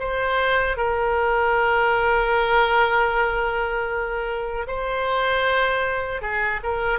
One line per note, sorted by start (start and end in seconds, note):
0.00 0.77 C5
0.77 4.67 A#4
4.68 6.22 C5
6.22 6.61 G#4
6.64 7.00 A#4